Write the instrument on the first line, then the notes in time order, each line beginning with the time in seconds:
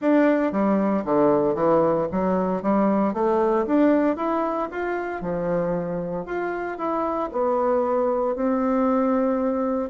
bassoon
0.01 D4
0.51 G3
1.04 D3
1.54 E3
2.11 F#3
2.62 G3
3.13 A3
3.66 D4
4.16 E4
4.71 F4
5.21 F3
6.25 F4
6.78 E4
7.32 B3
8.35 C4